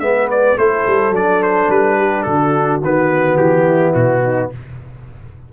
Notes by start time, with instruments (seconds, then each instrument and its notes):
0.00 tuba G#3, trombone B3, horn B4, trumpet E5
0.31 trumpet D5
0.58 tuba A3, trombone E4, horn A4, trumpet C5
0.87 tuba G3
1.11 tuba F#3, trombone D4, trumpet D5
1.43 trumpet C5
1.69 tuba G3, trumpet B4
1.98 horn G4
2.23 tuba D3, horn F#4, trumpet A4
2.81 tuba D#3, trombone B3, trumpet B4
3.37 tuba E3, trumpet G4
3.66 horn E4
3.94 tuba B2, trumpet F#4
4.23 horn D#4